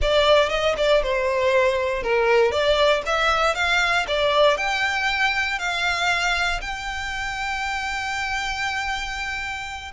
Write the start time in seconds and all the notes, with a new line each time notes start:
0.01 D5
0.49 D#5
0.77 D5
1.02 C5
2.02 A#4
2.51 D5
3.05 E5
3.55 F5
4.07 D5
4.57 G5
5.58 F5
6.61 G5